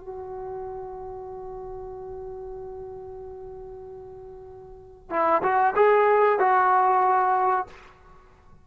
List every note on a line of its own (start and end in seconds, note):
0.00 5.10 F#4
5.10 5.42 E4
5.43 5.74 F#4
5.76 6.39 G#4
6.39 7.67 F#4